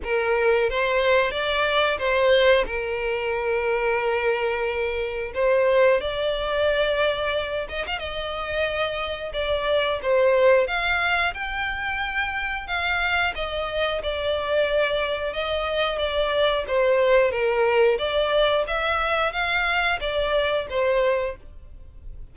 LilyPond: \new Staff \with { instrumentName = "violin" } { \time 4/4 \tempo 4 = 90 ais'4 c''4 d''4 c''4 | ais'1 | c''4 d''2~ d''8 dis''16 f''16 | dis''2 d''4 c''4 |
f''4 g''2 f''4 | dis''4 d''2 dis''4 | d''4 c''4 ais'4 d''4 | e''4 f''4 d''4 c''4 | }